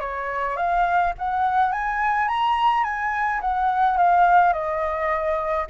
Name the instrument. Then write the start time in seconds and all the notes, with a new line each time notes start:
flute
0.00 C#5
0.56 F5
1.18 F#5
1.72 G#5
2.28 A#5
2.84 G#5
3.41 F#5
3.97 F5
4.53 D#5